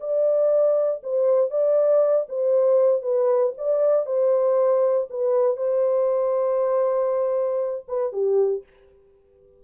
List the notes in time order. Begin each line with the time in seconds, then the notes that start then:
0.00 D5
1.03 C5
1.50 D5
2.29 C5
3.02 B4
3.58 D5
4.06 C5
5.10 B4
5.57 C5
7.88 B4
8.12 G4